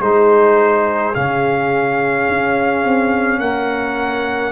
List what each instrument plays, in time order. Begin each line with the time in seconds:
0.00 tuba G#3, trombone D#4, horn G#4, trumpet C5
1.15 tuba C#3, trombone C#4, trumpet F5
2.28 tuba C#4
2.84 tuba C4
3.39 tuba A#3, horn A#4, trumpet F#5